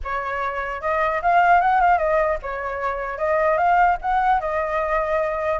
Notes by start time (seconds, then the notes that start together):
0.03 C#5
0.81 D#5
1.21 F5
1.61 F#5
1.80 F5
1.97 D#5
2.42 C#5
3.17 D#5
3.57 F5
4.01 F#5
4.40 D#5